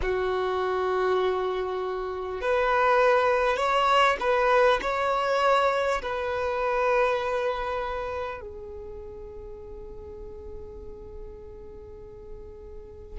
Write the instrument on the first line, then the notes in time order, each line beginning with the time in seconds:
violin
0.02 F#4
2.41 B4
3.57 C#5
4.19 B4
4.81 C#5
6.02 B4
8.40 G#4